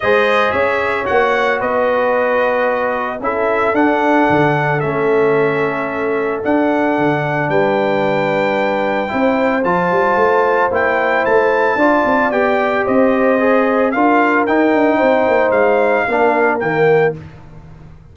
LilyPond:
<<
  \new Staff \with { instrumentName = "trumpet" } { \time 4/4 \tempo 4 = 112 dis''4 e''4 fis''4 dis''4~ | dis''2 e''4 fis''4~ | fis''4 e''2. | fis''2 g''2~ |
g''2 a''2 | g''4 a''2 g''4 | dis''2 f''4 g''4~ | g''4 f''2 g''4 | }
  \new Staff \with { instrumentName = "horn" } { \time 4/4 c''4 cis''2 b'4~ | b'2 a'2~ | a'1~ | a'2 b'2~ |
b'4 c''2.~ | c''2 d''2 | c''2 ais'2 | c''2 ais'2 | }
  \new Staff \with { instrumentName = "trombone" } { \time 4/4 gis'2 fis'2~ | fis'2 e'4 d'4~ | d'4 cis'2. | d'1~ |
d'4 e'4 f'2 | e'2 f'4 g'4~ | g'4 gis'4 f'4 dis'4~ | dis'2 d'4 ais4 | }
  \new Staff \with { instrumentName = "tuba" } { \time 4/4 gis4 cis'4 ais4 b4~ | b2 cis'4 d'4 | d4 a2. | d'4 d4 g2~ |
g4 c'4 f8 g8 a4 | ais4 a4 d'8 c'8 b4 | c'2 d'4 dis'8 d'8 | c'8 ais8 gis4 ais4 dis4 | }
>>